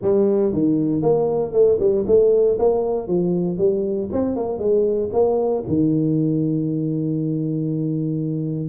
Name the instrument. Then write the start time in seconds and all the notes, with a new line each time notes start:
tuba
0.02 G3
0.52 D#3
1.02 A#3
1.52 A3
1.79 G3
2.07 A3
2.58 A#3
3.07 F3
3.58 G3
4.12 C4
4.36 A#3
4.59 G#3
5.13 A#3
5.67 D#3